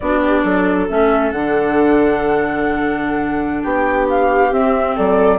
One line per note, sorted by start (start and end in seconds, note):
0.00 0.44 B3
0.00 0.88 D4
0.00 0.21 F#4
0.00 0.88 D5
0.21 0.42 G4
0.42 0.88 F#3
0.42 3.62 A4
0.88 1.32 A3
0.88 1.32 C#4
0.88 1.31 E5
1.31 3.64 D3
1.31 4.51 D4
1.31 3.63 F#5
3.63 4.52 B3
3.63 4.95 G4
3.63 4.07 G5
4.09 4.52 F5
4.51 5.38 C4
4.51 4.96 C4
4.51 4.97 E5
4.95 5.38 F#3
4.95 5.38 A4
4.95 5.38 D5